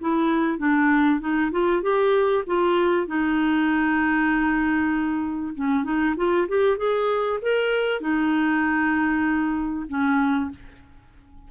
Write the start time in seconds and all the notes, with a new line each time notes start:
0.00 E4
0.58 D4
1.20 D#4
1.51 F4
1.82 G4
2.46 F4
3.07 D#4
5.54 C#4
5.84 D#4
6.16 F4
6.48 G4
6.77 G#4
7.41 A#4
8.00 D#4
9.88 C#4